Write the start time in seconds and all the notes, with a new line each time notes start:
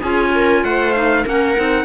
0.00 C#4 F4 G#4 G#5
0.35 A#4
0.64 A3 C5 F#5
0.94 D#4 F5
1.24 A#3 C#4 A#4 F#5
1.56 C4 D#4